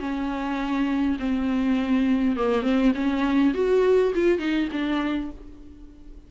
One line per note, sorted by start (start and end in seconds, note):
0.00 1.18 C#4
1.20 2.37 C4
2.37 2.63 A#3
2.63 2.92 C4
2.95 3.54 C#4
3.54 4.13 F#4
4.15 4.39 F4
4.39 4.69 D#4
4.72 5.31 D4